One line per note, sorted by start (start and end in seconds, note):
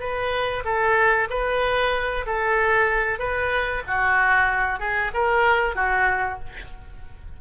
0.00 0.64 B4
0.65 1.29 A4
1.30 2.26 B4
2.27 3.19 A4
3.19 3.83 B4
3.87 4.80 F#4
4.80 5.12 G#4
5.14 5.76 A#4
5.76 6.39 F#4